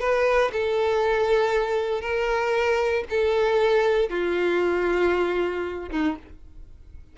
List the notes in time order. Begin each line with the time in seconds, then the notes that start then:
0.00 B4
0.52 A4
2.01 A#4
3.10 A4
4.10 F4
5.91 D#4